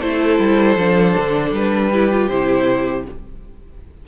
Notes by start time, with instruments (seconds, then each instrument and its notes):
0.00 cello A3, viola E4, violin A4 C5
0.40 cello G3
0.77 cello F3, viola D4
1.17 cello D3
1.52 cello G3, violin B4
1.92 viola E4, violin G4
2.12 viola F4
2.28 cello C3, viola E4, violin C5